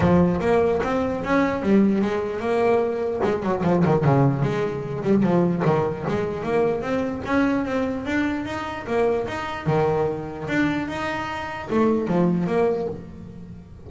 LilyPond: \new Staff \with { instrumentName = "double bass" } { \time 4/4 \tempo 4 = 149 f4 ais4 c'4 cis'4 | g4 gis4 ais2 | gis8 fis8 f8 dis8 cis4 gis4~ | gis8 g8 f4 dis4 gis4 |
ais4 c'4 cis'4 c'4 | d'4 dis'4 ais4 dis'4 | dis2 d'4 dis'4~ | dis'4 a4 f4 ais4 | }